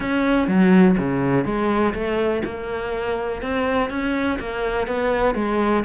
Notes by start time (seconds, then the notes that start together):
0.00 C#4
0.47 F#3
0.98 C#3
1.45 G#3
1.94 A3
2.44 A#3
3.42 C4
3.90 C#4
4.39 A#3
4.87 B3
5.35 G#3